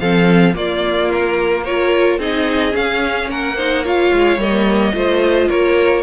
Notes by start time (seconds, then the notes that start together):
0.00 F3 C4 A4 F5
0.54 A#3 F4 D5
1.12 A#4
1.64 F4 A#4 C#5
2.19 C4 D#4 G#4 D#5
2.72 C#4 F5
3.29 A#3 A#4 F#5
3.57 D#4 C5
3.84 F4 C#5 F5
4.12 G#3
4.38 G3 A#3 D#5
4.94 A3 F4 C5
5.49 A#3 A#4 C#5